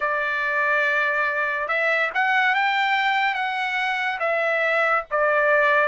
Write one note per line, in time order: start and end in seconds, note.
0.00 1.68 D5
1.68 2.10 E5
2.14 2.55 F#5
2.55 3.34 G5
3.34 4.18 F#5
4.19 5.04 E5
5.10 5.88 D5